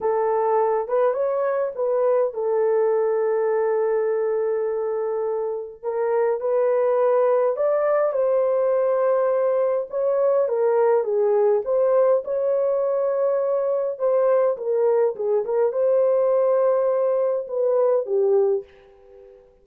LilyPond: \new Staff \with { instrumentName = "horn" } { \time 4/4 \tempo 4 = 103 a'4. b'8 cis''4 b'4 | a'1~ | a'2 ais'4 b'4~ | b'4 d''4 c''2~ |
c''4 cis''4 ais'4 gis'4 | c''4 cis''2. | c''4 ais'4 gis'8 ais'8 c''4~ | c''2 b'4 g'4 | }